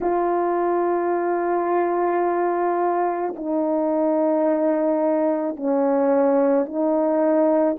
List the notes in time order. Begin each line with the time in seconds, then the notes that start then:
0.01 F4
3.35 D#4
5.56 C#4
6.65 D#4